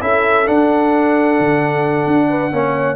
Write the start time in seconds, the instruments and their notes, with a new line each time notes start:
0.00 tuba C#4, trombone E4, horn A4, trumpet E5
0.46 trombone D4, tuba D4, trumpet F#5
1.39 tuba D3
2.06 tuba D4
2.29 horn B4
2.52 tuba A#3, trombone C#4, horn C#5